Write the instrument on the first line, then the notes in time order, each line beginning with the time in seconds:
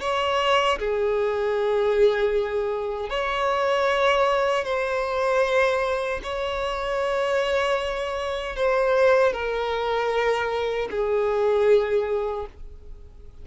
violin
0.00 C#5
0.79 G#4
3.10 C#5
4.64 C5
6.23 C#5
8.56 C5
9.33 A#4
10.91 G#4